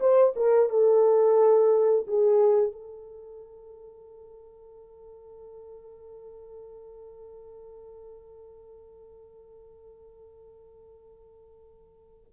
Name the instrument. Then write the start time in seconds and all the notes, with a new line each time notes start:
horn
0.00 C5
0.36 A#4
0.69 A4
2.07 G#4
2.72 A4